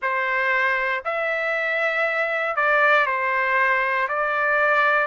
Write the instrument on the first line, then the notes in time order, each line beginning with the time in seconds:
trumpet
0.01 C5
1.04 E5
2.56 D5
3.06 C5
4.08 D5